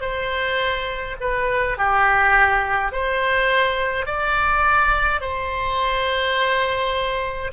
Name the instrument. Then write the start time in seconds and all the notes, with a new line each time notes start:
oboe
0.00 C5
1.20 B4
1.77 G4
2.92 C5
4.06 D5
5.20 C5